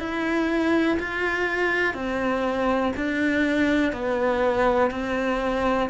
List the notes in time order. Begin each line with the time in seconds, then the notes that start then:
0.00 E4
1.00 F4
1.94 C4
2.97 D4
3.93 B3
4.91 C4